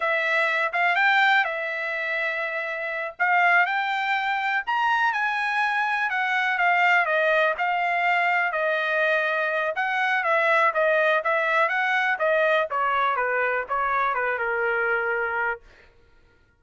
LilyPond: \new Staff \with { instrumentName = "trumpet" } { \time 4/4 \tempo 4 = 123 e''4. f''8 g''4 e''4~ | e''2~ e''8 f''4 g''8~ | g''4. ais''4 gis''4.~ | gis''8 fis''4 f''4 dis''4 f''8~ |
f''4. dis''2~ dis''8 | fis''4 e''4 dis''4 e''4 | fis''4 dis''4 cis''4 b'4 | cis''4 b'8 ais'2~ ais'8 | }